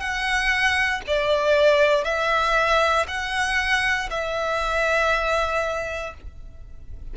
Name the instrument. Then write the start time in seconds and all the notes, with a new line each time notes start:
violin
0.00 F#5
1.07 D5
2.04 E5
3.08 F#5
4.10 E5